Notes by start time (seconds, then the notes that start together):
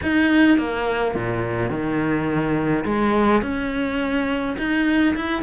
0.02 D#4
0.58 A#3
1.14 A#2
1.70 D#3
2.84 G#3
3.42 C#4
4.57 D#4
5.15 E4